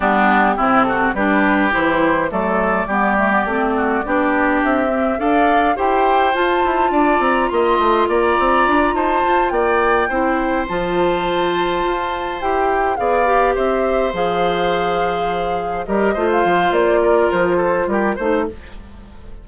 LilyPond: <<
  \new Staff \with { instrumentName = "flute" } { \time 4/4 \tempo 4 = 104 g'4. a'8 b'4 c''4 | d''1 | e''4 f''4 g''4 a''4~ | a''8 ais''8 c'''4 ais''4. a''8~ |
a''8 g''2 a''4.~ | a''4. g''4 f''4 e''8~ | e''8 f''2. dis''8~ | dis''16 f''8. d''4 c''4 ais'8 c''8 | }
  \new Staff \with { instrumentName = "oboe" } { \time 4/4 d'4 e'8 fis'8 g'2 | a'4 g'4. fis'8 g'4~ | g'4 d''4 c''2 | d''4 dis''4 d''4. c''8~ |
c''8 d''4 c''2~ c''8~ | c''2~ c''8 d''4 c''8~ | c''2.~ c''8 ais'8 | c''4. ais'4 a'8 g'8 c''8 | }
  \new Staff \with { instrumentName = "clarinet" } { \time 4/4 b4 c'4 d'4 e'4 | a4 b8 a16 b16 c'4 d'4~ | d'8 c'8 a'4 g'4 f'4~ | f'1~ |
f'4. e'4 f'4.~ | f'4. g'4 gis'8 g'4~ | g'8 gis'2. g'8 | f'2.~ f'8 dis'8 | }
  \new Staff \with { instrumentName = "bassoon" } { \time 4/4 g4 c4 g4 e4 | fis4 g4 a4 b4 | c'4 d'4 e'4 f'8 e'8 | d'8 c'8 ais8 a8 ais8 c'8 d'8 dis'8 |
f'8 ais4 c'4 f4.~ | f8 f'4 e'4 b4 c'8~ | c'8 f2. g8 | a8 f8 ais4 f4 g8 a8 | }
>>